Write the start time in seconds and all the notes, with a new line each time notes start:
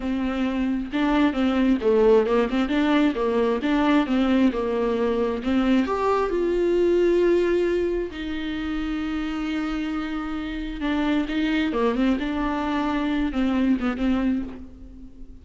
0.00 C4
0.92 D4
1.33 C4
1.81 A3
2.26 A#3
2.50 C4
2.68 D4
3.15 A#3
3.62 D4
4.06 C4
4.52 A#3
5.43 C4
5.86 G4
6.30 F4
8.10 D#4
10.80 D4
11.28 D#4
11.72 A#3
11.95 C4
12.19 D4
13.32 C4
13.80 B3
13.97 C4